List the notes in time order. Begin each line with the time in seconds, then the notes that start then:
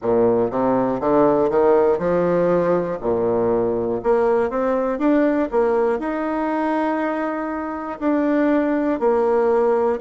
0.02 A#2
0.50 C3
1.00 D3
1.50 D#3
1.98 F3
3.01 A#2
4.03 A#3
4.50 C4
4.98 D4
5.50 A#3
5.99 D#4
7.99 D4
9.00 A#3